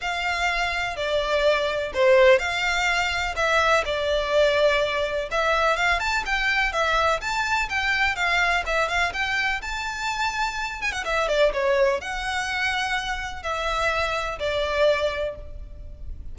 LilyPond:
\new Staff \with { instrumentName = "violin" } { \time 4/4 \tempo 4 = 125 f''2 d''2 | c''4 f''2 e''4 | d''2. e''4 | f''8 a''8 g''4 e''4 a''4 |
g''4 f''4 e''8 f''8 g''4 | a''2~ a''8 gis''16 fis''16 e''8 d''8 | cis''4 fis''2. | e''2 d''2 | }